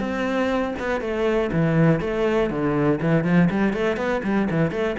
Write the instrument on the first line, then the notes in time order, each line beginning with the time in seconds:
cello
0.00 C4
0.79 B3
1.01 A3
1.53 E3
2.01 A3
2.50 D3
3.01 E3
3.24 F3
3.50 G3
3.73 A3
3.97 B3
4.24 G3
4.50 E3
4.71 A3